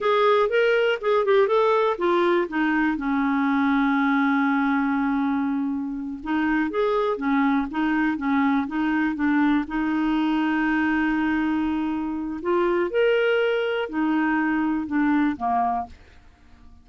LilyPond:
\new Staff \with { instrumentName = "clarinet" } { \time 4/4 \tempo 4 = 121 gis'4 ais'4 gis'8 g'8 a'4 | f'4 dis'4 cis'2~ | cis'1~ | cis'8 dis'4 gis'4 cis'4 dis'8~ |
dis'8 cis'4 dis'4 d'4 dis'8~ | dis'1~ | dis'4 f'4 ais'2 | dis'2 d'4 ais4 | }